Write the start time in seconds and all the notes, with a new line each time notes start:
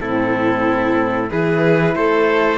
0.00 A2 C4 E4 A4
1.29 E3 E4 G#4 B4
1.95 A3 A4 C5